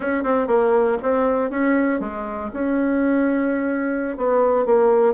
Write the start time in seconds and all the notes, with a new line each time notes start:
0.00 C#4
0.23 C4
0.47 A#3
1.02 C4
1.50 C#4
2.00 G#3
2.53 C#4
4.17 B3
4.65 A#3